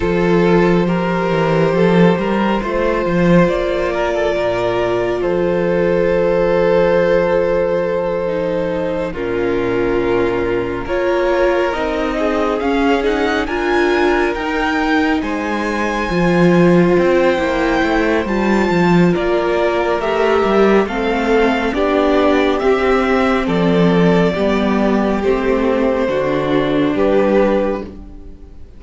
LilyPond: <<
  \new Staff \with { instrumentName = "violin" } { \time 4/4 \tempo 4 = 69 c''1 | d''2 c''2~ | c''2~ c''8 ais'4.~ | ais'8 cis''4 dis''4 f''8 fis''8 gis''8~ |
gis''8 g''4 gis''2 g''8~ | g''4 a''4 d''4 e''4 | f''4 d''4 e''4 d''4~ | d''4 c''2 b'4 | }
  \new Staff \with { instrumentName = "violin" } { \time 4/4 a'4 ais'4 a'8 ais'8 c''4~ | c''8 ais'16 a'16 ais'4 a'2~ | a'2~ a'8 f'4.~ | f'8 ais'4. gis'4. ais'8~ |
ais'4. c''2~ c''8~ | c''2 ais'2 | a'4 g'2 a'4 | g'2 fis'4 g'4 | }
  \new Staff \with { instrumentName = "viola" } { \time 4/4 f'4 g'2 f'4~ | f'1~ | f'4. dis'4 cis'4.~ | cis'8 f'4 dis'4 cis'8 dis'8 f'8~ |
f'8 dis'2 f'4. | e'4 f'2 g'4 | c'4 d'4 c'2 | b4 c'4 d'2 | }
  \new Staff \with { instrumentName = "cello" } { \time 4/4 f4. e8 f8 g8 a8 f8 | ais4 ais,4 f2~ | f2~ f8 ais,4.~ | ais,8 ais4 c'4 cis'4 d'8~ |
d'8 dis'4 gis4 f4 c'8 | ais8 a8 g8 f8 ais4 a8 g8 | a4 b4 c'4 f4 | g4 a4 d4 g4 | }
>>